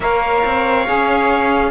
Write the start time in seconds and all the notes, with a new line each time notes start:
0.00 A#3 A#4 C#5 F5
0.44 C4
0.85 C#4 G#4